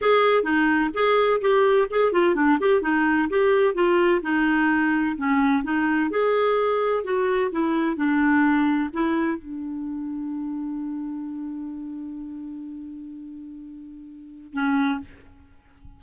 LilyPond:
\new Staff \with { instrumentName = "clarinet" } { \time 4/4 \tempo 4 = 128 gis'4 dis'4 gis'4 g'4 | gis'8 f'8 d'8 g'8 dis'4 g'4 | f'4 dis'2 cis'4 | dis'4 gis'2 fis'4 |
e'4 d'2 e'4 | d'1~ | d'1~ | d'2. cis'4 | }